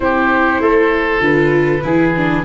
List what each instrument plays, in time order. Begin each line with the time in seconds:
0.00 tuba C4, viola E4, oboe G4, flute C5
0.60 tuba A3, oboe A4
1.20 tuba D3, viola F4, flute B4
1.82 tuba E3, viola E4, oboe G#4
2.17 viola D4